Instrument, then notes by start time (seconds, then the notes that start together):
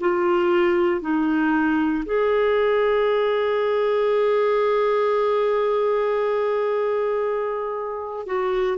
clarinet
0.00 F4
1.01 D#4
2.05 G#4
8.26 F#4